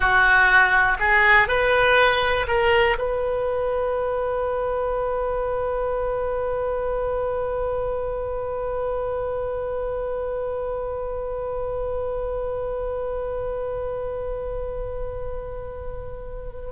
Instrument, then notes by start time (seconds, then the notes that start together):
oboe
0.00 F#4
0.99 G#4
1.48 B4
2.47 A#4
2.98 B4